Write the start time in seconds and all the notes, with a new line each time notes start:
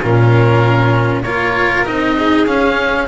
0.00 A#2 C#4 F4 A#4
1.23 A#3 F4 A#4 C#5
1.85 C4 D#4 D#5
2.18 G#4
2.46 C#4 F5